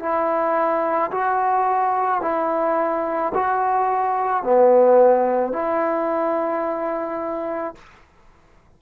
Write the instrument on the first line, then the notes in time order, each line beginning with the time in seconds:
trombone
0.00 E4
1.11 F#4
2.22 E4
3.35 F#4
4.43 B3
5.53 E4